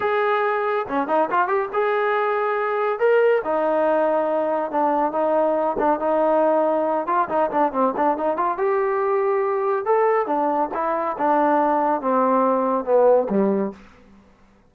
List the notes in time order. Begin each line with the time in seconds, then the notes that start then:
0.00 G#4
0.88 C#4
1.07 D#4
1.30 F4
1.47 G4
1.73 G#4
2.99 A#4
3.44 D#4
4.71 D4
5.12 D#4
5.78 D4
5.99 D#4
7.06 F4
7.29 D#4
7.50 D4
7.72 C4
7.96 D4
8.17 D#4
8.36 F4
8.57 G4
9.85 A4
10.26 D4
10.74 E4
11.18 D4
12.01 C4
12.84 B3
13.29 G3